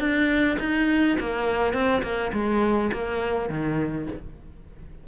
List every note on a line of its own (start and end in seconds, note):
0.00 0.58 D4
0.60 1.17 D#4
1.20 1.73 A#3
1.73 2.02 C4
2.03 2.32 A#3
2.33 2.91 G#3
2.93 3.50 A#3
3.50 4.07 D#3